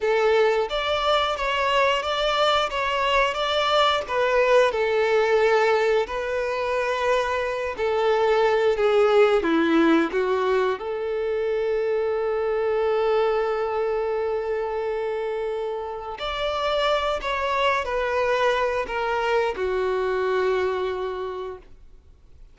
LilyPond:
\new Staff \with { instrumentName = "violin" } { \time 4/4 \tempo 4 = 89 a'4 d''4 cis''4 d''4 | cis''4 d''4 b'4 a'4~ | a'4 b'2~ b'8 a'8~ | a'4 gis'4 e'4 fis'4 |
a'1~ | a'1 | d''4. cis''4 b'4. | ais'4 fis'2. | }